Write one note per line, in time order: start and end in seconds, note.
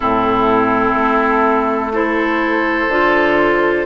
0.00 0.94 A2
0.00 1.93 C4
0.00 1.92 E4
0.00 1.93 A4
0.94 2.87 A3
1.93 2.89 E4
1.93 3.86 A4
1.93 3.86 C5
2.88 3.85 D3
2.88 3.86 F4